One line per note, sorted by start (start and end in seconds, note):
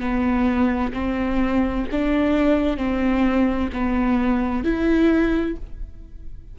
0.00 0.92 B3
0.93 1.85 C4
1.92 2.77 D4
2.77 3.70 C4
3.73 4.64 B3
4.64 5.57 E4